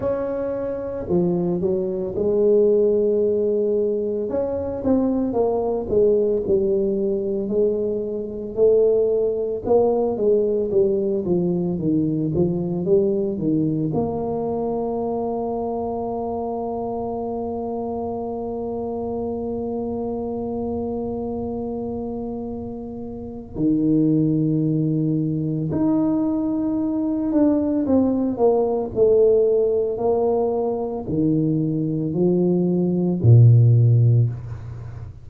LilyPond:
\new Staff \with { instrumentName = "tuba" } { \time 4/4 \tempo 4 = 56 cis'4 f8 fis8 gis2 | cis'8 c'8 ais8 gis8 g4 gis4 | a4 ais8 gis8 g8 f8 dis8 f8 | g8 dis8 ais2.~ |
ais1~ | ais2 dis2 | dis'4. d'8 c'8 ais8 a4 | ais4 dis4 f4 ais,4 | }